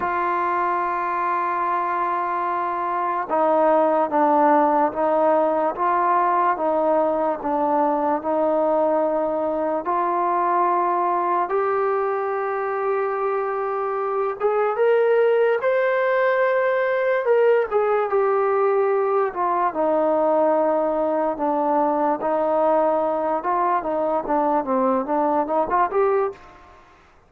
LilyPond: \new Staff \with { instrumentName = "trombone" } { \time 4/4 \tempo 4 = 73 f'1 | dis'4 d'4 dis'4 f'4 | dis'4 d'4 dis'2 | f'2 g'2~ |
g'4. gis'8 ais'4 c''4~ | c''4 ais'8 gis'8 g'4. f'8 | dis'2 d'4 dis'4~ | dis'8 f'8 dis'8 d'8 c'8 d'8 dis'16 f'16 g'8 | }